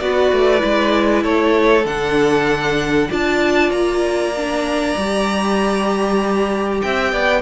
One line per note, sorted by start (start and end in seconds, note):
0.00 0.32 B3
0.00 0.59 F#4
0.00 1.23 B4
0.00 1.24 D5
0.32 0.63 A3
0.59 1.24 G#3
0.59 1.82 E4
1.23 1.86 A3
1.23 3.09 A4
1.23 1.86 C#5
1.86 3.09 D3
1.86 3.09 D4
1.86 3.11 F#5
3.09 3.71 D4
3.09 4.33 F4
3.09 6.81 D5
3.09 3.72 A5
3.71 4.95 A#3
3.71 6.81 A#5
4.37 4.98 D4
4.96 6.82 G3
4.96 7.42 G4
6.82 7.13 C4
6.82 7.12 E5
6.82 7.42 G5
7.12 7.42 B3
7.12 7.42 D5